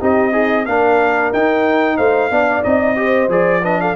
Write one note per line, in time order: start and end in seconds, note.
0.00 0.66 C4
0.00 0.32 D#4
0.00 0.31 G4
0.00 0.65 D#5
0.31 0.64 D#4
0.31 0.65 G#4
0.65 1.31 A#3
0.65 1.33 D4
0.65 1.97 A#4
0.65 1.31 F5
1.32 1.98 D#4
1.32 2.31 D#4
1.32 1.97 G5
1.97 2.30 A3
1.97 2.30 C5
1.97 2.63 F5
2.30 2.63 B3
2.30 2.63 D4
2.30 2.97 D5
2.63 3.28 C4
2.63 2.96 D#4
2.63 3.29 D#5
2.96 3.29 G4
2.96 3.62 C5
3.28 3.94 F3
3.28 3.62 G#4
3.28 3.64 D5
3.62 3.95 D4
3.62 3.79 B4
3.62 3.80 D#5
3.80 3.95 A4
3.80 3.95 F5